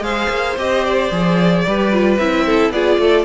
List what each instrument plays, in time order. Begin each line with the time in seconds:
0.00 cello G#3, viola G#4, violin C5 F5
0.29 cello A#3
0.56 cello C4, viola G4, violin D#5
0.85 violin D5
1.11 cello F3, viola G#4
1.67 cello G3, viola G4, violin B4
1.92 viola F4
2.17 cello C4, viola E4, violin E5
2.46 violin A4
2.70 cello B3, viola F4, violin G#4 D5
2.98 cello A3, violin A4